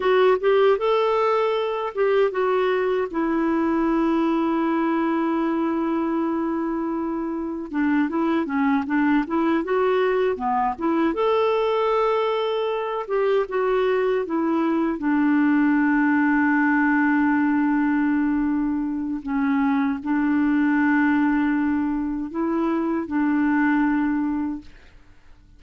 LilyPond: \new Staff \with { instrumentName = "clarinet" } { \time 4/4 \tempo 4 = 78 fis'8 g'8 a'4. g'8 fis'4 | e'1~ | e'2 d'8 e'8 cis'8 d'8 | e'8 fis'4 b8 e'8 a'4.~ |
a'4 g'8 fis'4 e'4 d'8~ | d'1~ | d'4 cis'4 d'2~ | d'4 e'4 d'2 | }